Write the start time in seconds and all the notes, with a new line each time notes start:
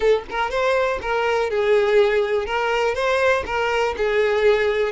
0.00 A4
0.30 A#4
0.50 C5
1.01 A#4
1.50 G#4
2.46 A#4
2.94 C5
3.46 A#4
3.97 G#4